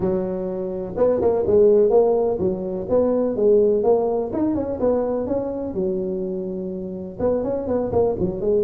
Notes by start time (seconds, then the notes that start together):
0.00 F#3
0.96 B3
1.21 A#3
1.46 G#3
1.90 A#3
2.38 F#3
2.89 B3
3.36 G#3
3.83 A#3
4.32 D#4
4.55 C#4
4.79 B3
5.27 C#4
5.73 F#3
7.19 B3
7.43 C#4
7.67 B3
7.92 A#3
8.19 F#3
8.40 G#3